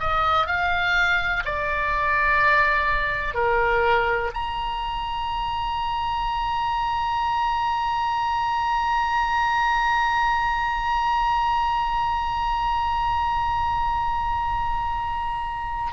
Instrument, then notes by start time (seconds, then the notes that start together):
oboe
0.00 D#5
0.47 F5
1.46 D5
3.35 A#4
4.35 A#5